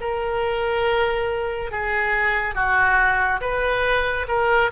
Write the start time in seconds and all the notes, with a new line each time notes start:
0.00 A#4
1.71 G#4
2.54 F#4
3.41 B4
4.28 A#4